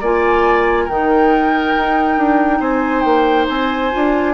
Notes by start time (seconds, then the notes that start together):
0.00 A#3 F4 D5 G#5
0.84 D#3 D#4 A#4 G5
1.76 D#4
2.17 D4
2.59 C4 C5 G#5
3.02 A#3 G5
3.48 C4 G#5
3.91 D4 F4